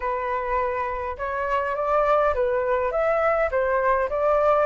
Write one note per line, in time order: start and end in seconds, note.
0.00 1.16 B4
1.17 1.75 C#5
1.75 2.34 D5
2.34 2.91 B4
2.91 3.49 E5
3.51 4.09 C5
4.09 4.66 D5